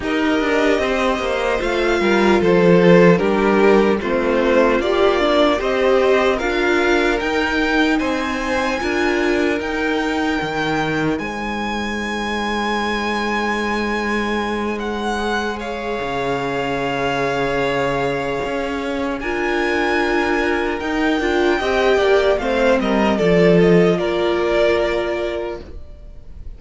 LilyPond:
<<
  \new Staff \with { instrumentName = "violin" } { \time 4/4 \tempo 4 = 75 dis''2 f''4 c''4 | ais'4 c''4 d''4 dis''4 | f''4 g''4 gis''2 | g''2 gis''2~ |
gis''2~ gis''8 fis''4 f''8~ | f''1 | gis''2 g''2 | f''8 dis''8 d''8 dis''8 d''2 | }
  \new Staff \with { instrumentName = "violin" } { \time 4/4 ais'4 c''4. ais'8 a'4 | g'4 f'2 c''4 | ais'2 c''4 ais'4~ | ais'2 c''2~ |
c''2.~ c''8 cis''8~ | cis''1 | ais'2. dis''8 d''8 | c''8 ais'8 a'4 ais'2 | }
  \new Staff \with { instrumentName = "viola" } { \time 4/4 g'2 f'2 | d'4 c'4 g'8 d'8 g'4 | f'4 dis'2 f'4 | dis'1~ |
dis'2. gis'4~ | gis'1 | f'2 dis'8 f'8 g'4 | c'4 f'2. | }
  \new Staff \with { instrumentName = "cello" } { \time 4/4 dis'8 d'8 c'8 ais8 a8 g8 f4 | g4 a4 ais4 c'4 | d'4 dis'4 c'4 d'4 | dis'4 dis4 gis2~ |
gis1 | cis2. cis'4 | d'2 dis'8 d'8 c'8 ais8 | a8 g8 f4 ais2 | }
>>